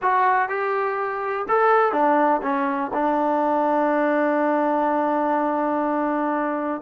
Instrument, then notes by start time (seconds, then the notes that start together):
trombone
0.02 F#4
0.48 G4
1.48 A4
1.92 D4
2.42 C#4
2.93 D4